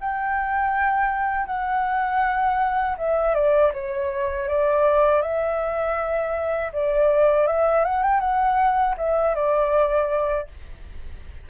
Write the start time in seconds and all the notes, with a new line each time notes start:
0.00 G5
1.46 F#5
2.97 E5
3.34 D5
3.73 C#5
4.48 D5
5.22 E5
6.73 D5
7.47 E5
7.84 F#5
8.03 G5
8.20 F#5
8.97 E5
9.35 D5